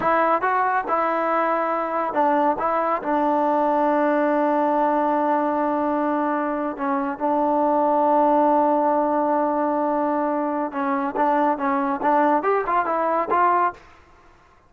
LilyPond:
\new Staff \with { instrumentName = "trombone" } { \time 4/4 \tempo 4 = 140 e'4 fis'4 e'2~ | e'4 d'4 e'4 d'4~ | d'1~ | d'2.~ d'8. cis'16~ |
cis'8. d'2.~ d'16~ | d'1~ | d'4 cis'4 d'4 cis'4 | d'4 g'8 f'8 e'4 f'4 | }